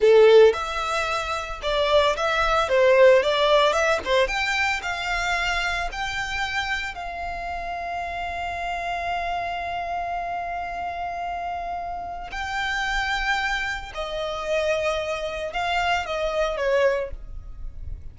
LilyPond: \new Staff \with { instrumentName = "violin" } { \time 4/4 \tempo 4 = 112 a'4 e''2 d''4 | e''4 c''4 d''4 e''8 c''8 | g''4 f''2 g''4~ | g''4 f''2.~ |
f''1~ | f''2. g''4~ | g''2 dis''2~ | dis''4 f''4 dis''4 cis''4 | }